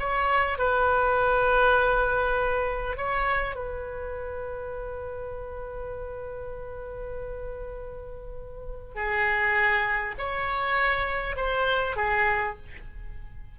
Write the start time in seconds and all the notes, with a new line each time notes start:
0.00 C#5
0.58 B4
2.98 C#5
3.56 B4
8.95 G#4
10.18 C#5
11.36 C5
11.97 G#4